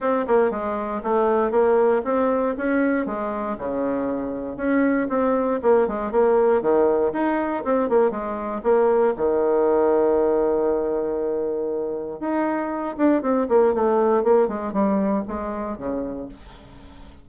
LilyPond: \new Staff \with { instrumentName = "bassoon" } { \time 4/4 \tempo 4 = 118 c'8 ais8 gis4 a4 ais4 | c'4 cis'4 gis4 cis4~ | cis4 cis'4 c'4 ais8 gis8 | ais4 dis4 dis'4 c'8 ais8 |
gis4 ais4 dis2~ | dis1 | dis'4. d'8 c'8 ais8 a4 | ais8 gis8 g4 gis4 cis4 | }